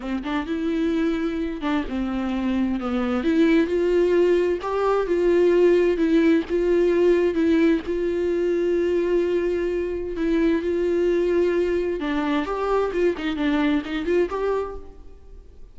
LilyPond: \new Staff \with { instrumentName = "viola" } { \time 4/4 \tempo 4 = 130 c'8 d'8 e'2~ e'8 d'8 | c'2 b4 e'4 | f'2 g'4 f'4~ | f'4 e'4 f'2 |
e'4 f'2.~ | f'2 e'4 f'4~ | f'2 d'4 g'4 | f'8 dis'8 d'4 dis'8 f'8 g'4 | }